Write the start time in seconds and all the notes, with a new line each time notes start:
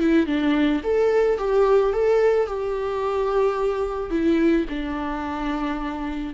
0.00 E4
0.27 D4
0.84 A4
1.38 G4
1.93 A4
2.47 G4
4.11 E4
4.70 D4